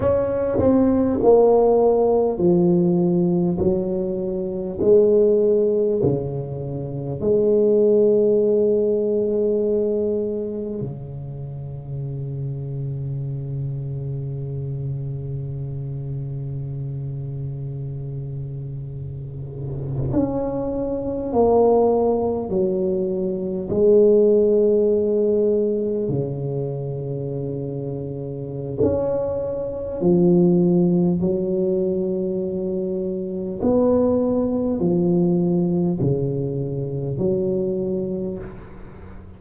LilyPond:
\new Staff \with { instrumentName = "tuba" } { \time 4/4 \tempo 4 = 50 cis'8 c'8 ais4 f4 fis4 | gis4 cis4 gis2~ | gis4 cis2.~ | cis1~ |
cis8. cis'4 ais4 fis4 gis16~ | gis4.~ gis16 cis2~ cis16 | cis'4 f4 fis2 | b4 f4 cis4 fis4 | }